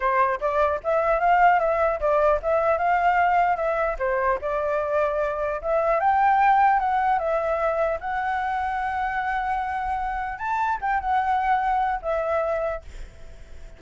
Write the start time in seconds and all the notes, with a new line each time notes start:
0.00 C5
0.40 D5
0.83 E5
1.19 F5
1.59 E5
2.00 D5
2.42 E5
2.78 F5
3.56 E5
3.99 C5
4.41 D5
5.61 E5
6.00 G5
6.79 F#5
7.19 E5
8.00 F#5
10.38 A5
10.81 G5
11.00 F#5
12.02 E5